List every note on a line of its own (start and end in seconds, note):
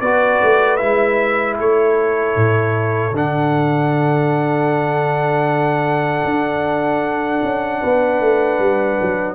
0.00 0.40 B3
0.00 0.78 F#4
0.00 1.58 B4
0.00 0.76 D5
0.42 0.81 A3
0.76 1.59 G#3
0.76 3.12 E4
0.76 1.54 E5
1.58 2.36 A3
1.58 7.80 A4
1.58 3.16 C#5
2.36 3.11 A2
3.11 6.23 D3
3.11 9.34 D4
3.11 9.34 F#5
6.24 7.41 D4
7.43 7.81 C#4
7.80 8.20 B3
7.80 9.34 B4
8.20 8.58 A3
8.58 8.97 G3
9.01 9.34 F#3